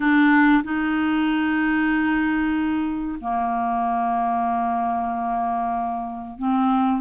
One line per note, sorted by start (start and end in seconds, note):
0.00 0.63 D4
0.63 3.18 D#4
3.20 6.38 A#3
6.38 7.01 C4